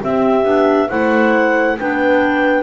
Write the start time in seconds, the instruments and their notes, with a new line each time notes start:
0.00 clarinet C4 E5, double bass C4, horn G4
0.44 double bass B3, clarinet D4
0.88 double bass A3, clarinet E4 F#5, horn C5
1.78 double bass B3, clarinet D4 G5, horn B4